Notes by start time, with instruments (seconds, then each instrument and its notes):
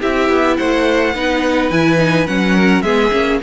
0.00 cello C4, viola E4, violin G4 E5
0.29 cello B3
0.57 cello A3, violin C5 F#5
1.14 cello B3, viola D#4, violin B4
1.70 cello E3, viola E4, violin G#5
1.98 viola D#4
2.27 cello F#3, viola C#4, violin F#5
2.55 violin A#4
2.82 cello G#3, viola B3, violin G#4 E5
3.11 cello A#3, viola C#4